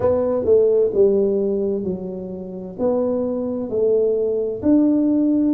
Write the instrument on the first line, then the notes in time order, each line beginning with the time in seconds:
tuba
0.00 B3
0.44 A3
0.93 G3
1.83 F#3
2.79 B3
3.69 A3
4.62 D4